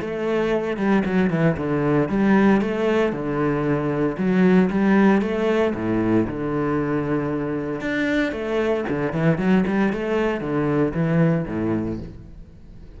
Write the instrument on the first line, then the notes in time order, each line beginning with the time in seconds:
cello
0.00 A3
0.76 G3
1.05 F#3
1.30 E3
1.57 D3
2.08 G3
2.61 A3
3.12 D3
4.17 F#3
4.70 G3
5.21 A3
5.74 A2
6.27 D3
7.80 D4
8.32 A3
8.88 D3
9.12 E3
9.37 F#3
9.67 G3
9.92 A3
10.40 D3
10.94 E3
11.47 A2